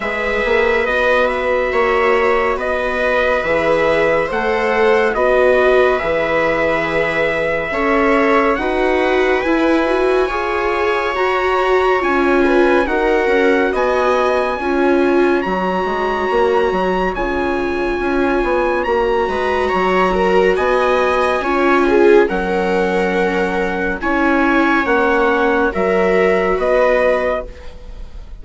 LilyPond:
<<
  \new Staff \with { instrumentName = "trumpet" } { \time 4/4 \tempo 4 = 70 e''4 dis''8 e''4. dis''4 | e''4 fis''4 dis''4 e''4~ | e''2 fis''4 gis''4~ | gis''4 ais''4 gis''4 fis''4 |
gis''2 ais''2 | gis''2 ais''2 | gis''2 fis''2 | gis''4 fis''4 e''4 dis''4 | }
  \new Staff \with { instrumentName = "viola" } { \time 4/4 b'2 cis''4 b'4~ | b'4 c''4 b'2~ | b'4 cis''4 b'2 | cis''2~ cis''8 b'8 ais'4 |
dis''4 cis''2.~ | cis''2~ cis''8 b'8 cis''8 ais'8 | dis''4 cis''8 gis'8 ais'2 | cis''2 ais'4 b'4 | }
  \new Staff \with { instrumentName = "viola" } { \time 4/4 gis'4 fis'2. | gis'4 a'4 fis'4 gis'4~ | gis'4 a'4 fis'4 e'8 fis'8 | gis'4 fis'4 f'4 fis'4~ |
fis'4 f'4 fis'2 | f'2 fis'2~ | fis'4 f'4 cis'2 | e'4 cis'4 fis'2 | }
  \new Staff \with { instrumentName = "bassoon" } { \time 4/4 gis8 ais8 b4 ais4 b4 | e4 a4 b4 e4~ | e4 cis'4 dis'4 e'4 | f'4 fis'4 cis'4 dis'8 cis'8 |
b4 cis'4 fis8 gis8 ais8 fis8 | cis4 cis'8 b8 ais8 gis8 fis4 | b4 cis'4 fis2 | cis'4 ais4 fis4 b4 | }
>>